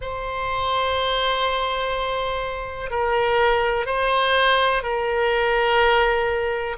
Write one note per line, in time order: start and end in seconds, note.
0.00 2.90 C5
2.90 3.85 A#4
3.85 4.82 C5
4.83 6.76 A#4